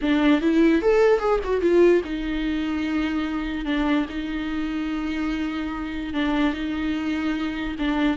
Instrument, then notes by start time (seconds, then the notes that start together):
viola
0.01 D4
0.41 E4
0.81 A4
1.19 G#4
1.43 F#4
1.61 F4
2.04 D#4
3.65 D4
4.09 D#4
6.13 D4
6.53 D#4
7.78 D4